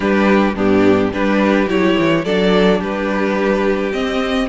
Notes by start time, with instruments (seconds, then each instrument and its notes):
0.00 cello G3, viola D4, violin G4 B4
0.55 cello G2, viola B3, violin D4 G4
1.11 cello G3, viola D4, violin G4 B4
1.67 cello F#3, viola E4, violin C#5
1.98 cello E3
2.24 cello F#3, viola D4, violin A4 D5
2.79 cello G3, violin G4 B4
3.92 viola C4, cello C4, violin D#5